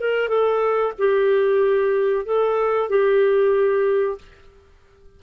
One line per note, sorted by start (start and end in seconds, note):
0.00 0.28 A#4
0.28 0.93 A4
0.98 2.25 G4
2.25 2.89 A4
2.89 4.18 G4